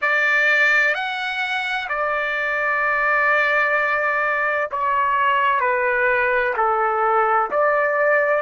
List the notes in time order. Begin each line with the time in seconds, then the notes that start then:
0.01 D5
0.94 F#5
1.88 D5
4.71 C#5
5.60 B4
6.56 A4
7.50 D5